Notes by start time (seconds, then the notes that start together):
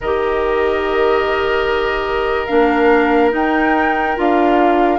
0.00 D#3 G4 A#4 D#5
2.46 A#3 D4 F5
3.31 D#4 G5
4.16 D4 F4 F5